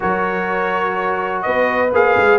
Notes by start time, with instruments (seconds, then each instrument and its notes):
0.00 tuba F#3, trombone F#4, horn A#4, trumpet C#5
1.42 tuba B3, horn B4, trumpet D#5
1.93 tuba A#3, trombone G#4, trumpet F5
2.17 tuba G#3